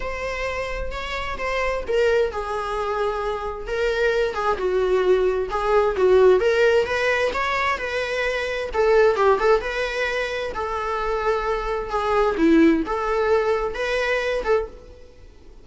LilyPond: \new Staff \with { instrumentName = "viola" } { \time 4/4 \tempo 4 = 131 c''2 cis''4 c''4 | ais'4 gis'2. | ais'4. gis'8 fis'2 | gis'4 fis'4 ais'4 b'4 |
cis''4 b'2 a'4 | g'8 a'8 b'2 a'4~ | a'2 gis'4 e'4 | a'2 b'4. a'8 | }